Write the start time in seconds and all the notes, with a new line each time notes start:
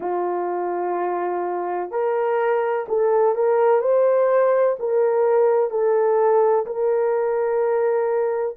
0.00 F4
1.90 A#4
2.88 A4
3.35 A#4
3.81 C5
4.79 A#4
5.70 A4
6.65 A#4